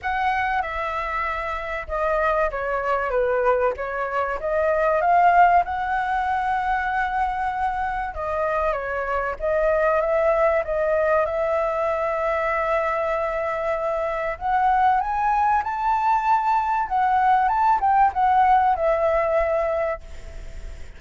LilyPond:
\new Staff \with { instrumentName = "flute" } { \time 4/4 \tempo 4 = 96 fis''4 e''2 dis''4 | cis''4 b'4 cis''4 dis''4 | f''4 fis''2.~ | fis''4 dis''4 cis''4 dis''4 |
e''4 dis''4 e''2~ | e''2. fis''4 | gis''4 a''2 fis''4 | a''8 g''8 fis''4 e''2 | }